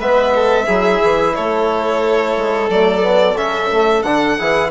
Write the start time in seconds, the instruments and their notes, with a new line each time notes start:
0.00 bassoon G#3, trombone B3, violin B4 E5
0.36 violin A4
0.66 bassoon F#3, trombone E4, violin G#4
1.03 bassoon E3
1.35 bassoon A3, violin A4 C#5
2.37 bassoon G#3
2.70 bassoon F#3, trombone A3, violin D5
3.01 trombone B3
3.37 bassoon C#3, trombone C#4, violin E5
3.71 trombone A3
4.03 bassoon D3, trombone D4, violin F#5
4.37 bassoon E3, trombone E4, violin G#4